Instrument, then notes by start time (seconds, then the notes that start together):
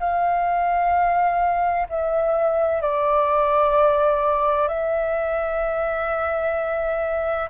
flute
0.00 F5
1.89 E5
2.82 D5
4.68 E5